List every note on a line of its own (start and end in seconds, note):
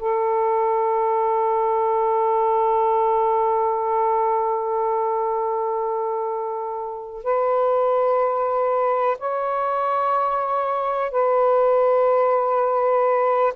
0.00 7.24 A4
7.24 9.18 B4
9.19 11.12 C#5
11.12 13.54 B4